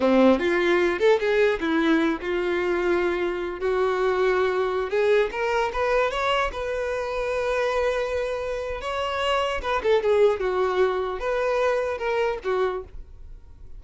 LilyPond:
\new Staff \with { instrumentName = "violin" } { \time 4/4 \tempo 4 = 150 c'4 f'4. a'8 gis'4 | e'4. f'2~ f'8~ | f'4 fis'2.~ | fis'16 gis'4 ais'4 b'4 cis''8.~ |
cis''16 b'2.~ b'8.~ | b'2 cis''2 | b'8 a'8 gis'4 fis'2 | b'2 ais'4 fis'4 | }